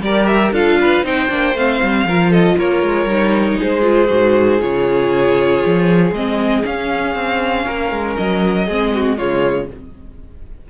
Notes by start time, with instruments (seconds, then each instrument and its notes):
0.00 cello G3, viola G4, violin A#4 D5
0.26 violin E5
0.51 cello D4, viola F4, violin A4 F5
0.81 violin B4
1.03 cello C4, viola D#4, violin C5 G5
1.28 cello A#3, viola D4
1.54 cello A3, viola C4, violin F5
1.82 cello G3
2.04 cello F3, viola F4, violin A#4
2.30 violin A4 D#5
2.58 cello A#3, violin A#4 C#5
2.82 cello G#3
3.05 cello G3, viola D#4
3.58 cello G#3, violin G#4 C5
3.81 viola F4
4.08 cello G#2, viola F#4
4.60 cello C#3, viola F4, violin C#5
5.66 cello F3
6.12 cello G#3, viola C4, violin D#5
6.63 viola C#4, cello C#4, violin F5
7.15 cello C4
7.65 cello A#3, violin A#4
7.91 cello G#3
8.16 cello F#3, violin D#5
8.66 cello G#3, viola C4, violin G#4
8.94 violin F#4
9.17 cello C#3, viola G#3, violin F4 C#5